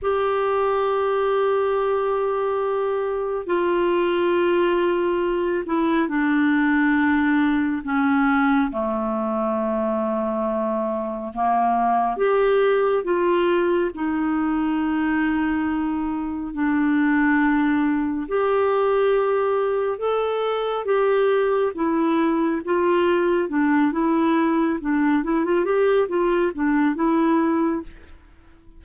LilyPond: \new Staff \with { instrumentName = "clarinet" } { \time 4/4 \tempo 4 = 69 g'1 | f'2~ f'8 e'8 d'4~ | d'4 cis'4 a2~ | a4 ais4 g'4 f'4 |
dis'2. d'4~ | d'4 g'2 a'4 | g'4 e'4 f'4 d'8 e'8~ | e'8 d'8 e'16 f'16 g'8 f'8 d'8 e'4 | }